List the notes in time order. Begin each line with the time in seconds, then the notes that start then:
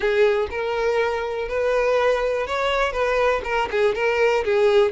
0.00 G#4
0.50 A#4
1.48 B4
2.46 C#5
2.92 B4
3.44 A#4
3.70 G#4
3.95 A#4
4.44 G#4